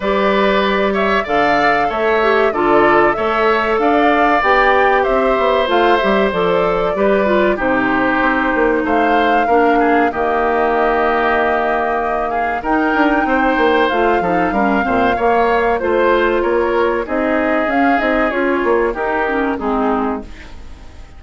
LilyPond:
<<
  \new Staff \with { instrumentName = "flute" } { \time 4/4 \tempo 4 = 95 d''4. e''8 f''4 e''4 | d''4 e''4 f''4 g''4 | e''4 f''8 e''8 d''2 | c''2 f''2 |
dis''2.~ dis''8 f''8 | g''2 f''2~ | f''4 c''4 cis''4 dis''4 | f''8 dis''8 cis''4 ais'4 gis'4 | }
  \new Staff \with { instrumentName = "oboe" } { \time 4/4 b'4. cis''8 d''4 cis''4 | a'4 cis''4 d''2 | c''2. b'4 | g'2 c''4 ais'8 gis'8 |
g'2.~ g'8 gis'8 | ais'4 c''4. a'8 ais'8 c''8 | cis''4 c''4 ais'4 gis'4~ | gis'2 g'4 dis'4 | }
  \new Staff \with { instrumentName = "clarinet" } { \time 4/4 g'2 a'4. g'8 | f'4 a'2 g'4~ | g'4 f'8 g'8 a'4 g'8 f'8 | dis'2. d'4 |
ais1 | dis'2 f'8 dis'8 cis'8 c'8 | ais4 f'2 dis'4 | cis'8 dis'8 f'4 dis'8 cis'8 c'4 | }
  \new Staff \with { instrumentName = "bassoon" } { \time 4/4 g2 d4 a4 | d4 a4 d'4 b4 | c'8 b8 a8 g8 f4 g4 | c4 c'8 ais8 a4 ais4 |
dis1 | dis'8 d'8 c'8 ais8 a8 f8 g8 ais,8 | ais4 a4 ais4 c'4 | cis'8 c'8 cis'8 ais8 dis'4 gis4 | }
>>